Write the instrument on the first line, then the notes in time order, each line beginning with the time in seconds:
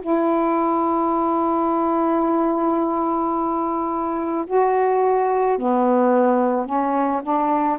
saxophone
0.00 E4
4.46 F#4
5.58 B3
6.66 C#4
7.22 D4